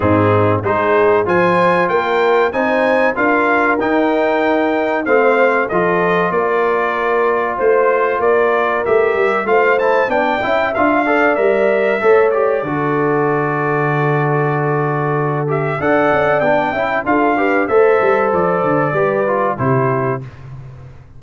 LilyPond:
<<
  \new Staff \with { instrumentName = "trumpet" } { \time 4/4 \tempo 4 = 95 gis'4 c''4 gis''4 g''4 | gis''4 f''4 g''2 | f''4 dis''4 d''2 | c''4 d''4 e''4 f''8 a''8 |
g''4 f''4 e''4. d''8~ | d''1~ | d''8 e''8 fis''4 g''4 f''4 | e''4 d''2 c''4 | }
  \new Staff \with { instrumentName = "horn" } { \time 4/4 dis'4 gis'4 c''4 ais'4 | c''4 ais'2. | c''4 a'4 ais'2 | c''4 ais'2 c''4 |
d''8 e''4 d''4. cis''4 | a'1~ | a'4 d''4. e''8 a'8 b'8 | c''2 b'4 g'4 | }
  \new Staff \with { instrumentName = "trombone" } { \time 4/4 c'4 dis'4 f'2 | dis'4 f'4 dis'2 | c'4 f'2.~ | f'2 g'4 f'8 e'8 |
d'8 e'8 f'8 a'8 ais'4 a'8 g'8 | fis'1~ | fis'8 g'8 a'4 d'8 e'8 f'8 g'8 | a'2 g'8 f'8 e'4 | }
  \new Staff \with { instrumentName = "tuba" } { \time 4/4 gis,4 gis4 f4 ais4 | c'4 d'4 dis'2 | a4 f4 ais2 | a4 ais4 a8 g8 a4 |
b8 cis'8 d'4 g4 a4 | d1~ | d4 d'8 cis'8 b8 cis'8 d'4 | a8 g8 f8 d8 g4 c4 | }
>>